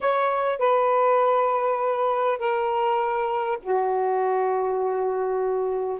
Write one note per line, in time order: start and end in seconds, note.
0.00 0.58 C#5
0.58 2.38 B4
2.38 3.58 A#4
3.62 5.99 F#4